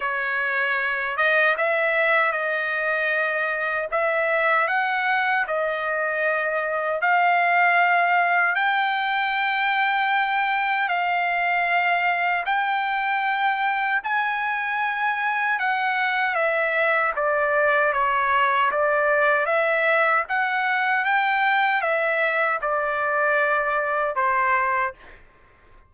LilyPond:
\new Staff \with { instrumentName = "trumpet" } { \time 4/4 \tempo 4 = 77 cis''4. dis''8 e''4 dis''4~ | dis''4 e''4 fis''4 dis''4~ | dis''4 f''2 g''4~ | g''2 f''2 |
g''2 gis''2 | fis''4 e''4 d''4 cis''4 | d''4 e''4 fis''4 g''4 | e''4 d''2 c''4 | }